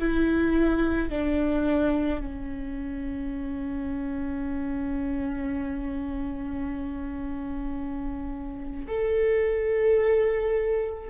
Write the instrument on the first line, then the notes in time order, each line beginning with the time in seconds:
viola
0.00 E4
1.10 D4
2.21 C#4
8.88 A4